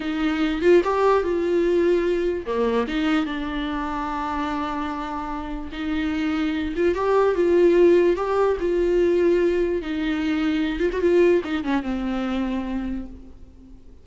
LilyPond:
\new Staff \with { instrumentName = "viola" } { \time 4/4 \tempo 4 = 147 dis'4. f'8 g'4 f'4~ | f'2 ais4 dis'4 | d'1~ | d'2 dis'2~ |
dis'8 f'8 g'4 f'2 | g'4 f'2. | dis'2~ dis'8 f'16 fis'16 f'4 | dis'8 cis'8 c'2. | }